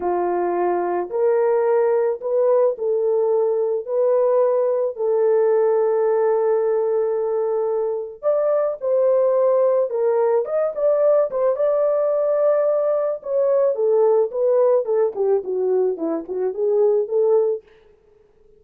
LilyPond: \new Staff \with { instrumentName = "horn" } { \time 4/4 \tempo 4 = 109 f'2 ais'2 | b'4 a'2 b'4~ | b'4 a'2.~ | a'2. d''4 |
c''2 ais'4 dis''8 d''8~ | d''8 c''8 d''2. | cis''4 a'4 b'4 a'8 g'8 | fis'4 e'8 fis'8 gis'4 a'4 | }